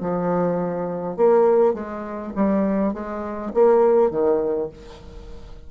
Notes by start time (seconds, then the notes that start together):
0.00 F3
1.16 A#3
1.74 G#3
2.35 G3
2.93 G#3
3.54 A#3
4.10 D#3